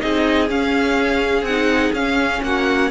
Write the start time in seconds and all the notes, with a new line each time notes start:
0.00 C4 D#4 G#4 D#5
0.49 C#4 F5
1.42 C4 F#5
1.49 D#4
1.92 C#4 F5
2.42 A#3 F#4 F#5